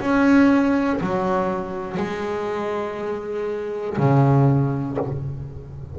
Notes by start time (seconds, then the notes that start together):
0.00 C#4
1.01 F#3
1.97 G#3
3.98 C#3